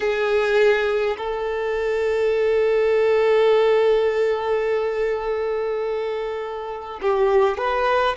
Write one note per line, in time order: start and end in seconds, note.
0.00 1.16 G#4
1.17 7.00 A4
7.01 7.57 G4
7.57 8.16 B4